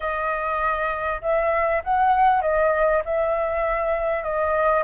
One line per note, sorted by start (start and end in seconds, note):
0.00 1.21 D#5
1.21 1.82 E5
1.83 2.41 F#5
2.41 3.02 D#5
3.04 4.23 E5
4.23 4.83 D#5